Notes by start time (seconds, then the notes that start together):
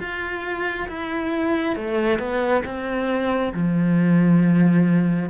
0.00 F4
0.89 E4
1.76 A3
2.19 B3
2.65 C4
3.54 F3